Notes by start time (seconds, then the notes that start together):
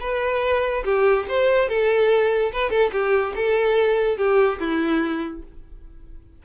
0.00 B4
0.84 G4
1.28 C5
1.68 A4
2.52 B4
2.70 A4
2.92 G4
3.35 A4
4.17 G4
4.59 E4